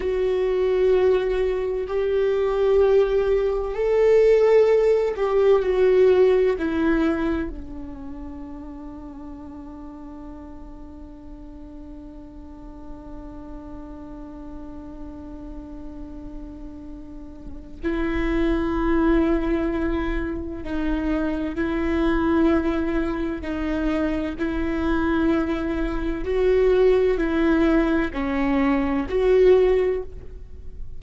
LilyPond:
\new Staff \with { instrumentName = "viola" } { \time 4/4 \tempo 4 = 64 fis'2 g'2 | a'4. g'8 fis'4 e'4 | d'1~ | d'1~ |
d'2. e'4~ | e'2 dis'4 e'4~ | e'4 dis'4 e'2 | fis'4 e'4 cis'4 fis'4 | }